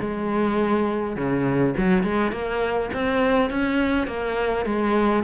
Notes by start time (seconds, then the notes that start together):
0.00 G#3
1.16 C#3
1.78 F#3
2.04 G#3
2.32 A#3
2.94 C4
3.50 C#4
4.07 A#3
4.65 G#3